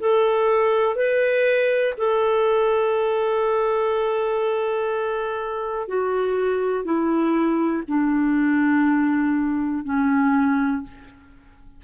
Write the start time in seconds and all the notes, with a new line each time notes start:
0.00 A4
0.95 B4
1.98 A4
5.88 F#4
6.85 E4
7.88 D4
9.85 C#4